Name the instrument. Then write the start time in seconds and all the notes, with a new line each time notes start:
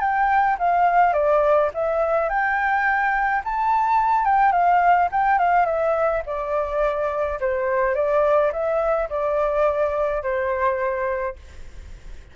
flute
0.00 G5
0.58 F5
1.13 D5
1.74 E5
2.29 G5
3.44 A5
4.25 G5
4.52 F5
5.11 G5
5.38 F5
5.66 E5
6.25 D5
7.40 C5
7.95 D5
8.52 E5
9.09 D5
10.22 C5